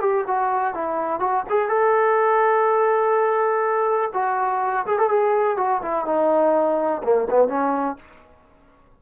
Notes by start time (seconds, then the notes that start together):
0.00 G4
0.27 F#4
0.74 E4
1.19 F#4
1.49 G#4
1.68 A4
4.13 F#4
4.86 G#4
4.98 A4
5.09 G#4
5.57 F#4
5.82 E4
6.05 D#4
7.03 A#3
7.30 B3
7.48 C#4